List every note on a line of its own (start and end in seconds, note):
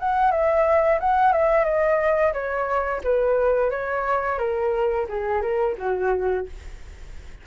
0.00 0.31 F#5
0.31 0.99 E5
1.00 1.32 F#5
1.32 1.65 E5
1.65 2.33 D#5
2.33 3.02 C#5
3.04 3.70 B4
3.70 4.39 C#5
4.39 5.07 A#4
5.09 5.42 G#4
5.42 5.76 A#4
5.78 6.46 F#4